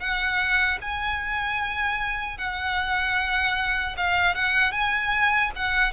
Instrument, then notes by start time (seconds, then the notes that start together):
violin
0.00 F#5
0.82 G#5
2.38 F#5
3.98 F5
4.36 F#5
4.72 G#5
5.56 F#5